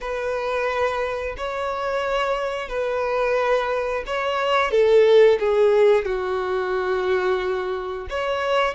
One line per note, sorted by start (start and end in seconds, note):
0.00 1.35 B4
1.37 2.68 C#5
2.68 4.03 B4
4.06 4.71 C#5
4.71 5.38 A4
5.39 6.05 G#4
6.05 8.07 F#4
8.09 8.74 C#5